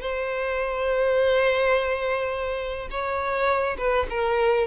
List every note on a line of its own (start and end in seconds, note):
0.00 2.88 C5
2.90 3.77 C#5
3.78 4.07 B4
4.10 4.67 A#4